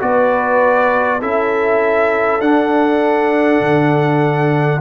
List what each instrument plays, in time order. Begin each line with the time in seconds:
0.00 tuba B3, trombone F#4, horn B4, trumpet D5
1.21 tuba C#4, trombone E4, horn A4, trumpet E5
2.40 tuba D4, trombone D4, trumpet F#5
3.61 tuba D3